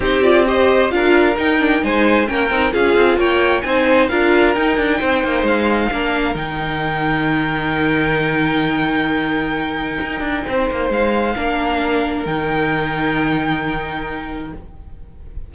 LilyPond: <<
  \new Staff \with { instrumentName = "violin" } { \time 4/4 \tempo 4 = 132 c''8 d''8 dis''4 f''4 g''4 | gis''4 g''4 f''4 g''4 | gis''4 f''4 g''2 | f''2 g''2~ |
g''1~ | g''1 | f''2. g''4~ | g''1 | }
  \new Staff \with { instrumentName = "violin" } { \time 4/4 g'4 c''4 ais'2 | c''4 ais'4 gis'4 cis''4 | c''4 ais'2 c''4~ | c''4 ais'2.~ |
ais'1~ | ais'2. c''4~ | c''4 ais'2.~ | ais'1 | }
  \new Staff \with { instrumentName = "viola" } { \time 4/4 dis'8 f'8 g'4 f'4 dis'8 d'8 | dis'4 cis'8 dis'8 f'2 | dis'4 f'4 dis'2~ | dis'4 d'4 dis'2~ |
dis'1~ | dis'1~ | dis'4 d'2 dis'4~ | dis'1 | }
  \new Staff \with { instrumentName = "cello" } { \time 4/4 c'2 d'4 dis'4 | gis4 ais8 c'8 cis'8 c'8 ais4 | c'4 d'4 dis'8 d'8 c'8 ais8 | gis4 ais4 dis2~ |
dis1~ | dis2 dis'8 d'8 c'8 ais8 | gis4 ais2 dis4~ | dis1 | }
>>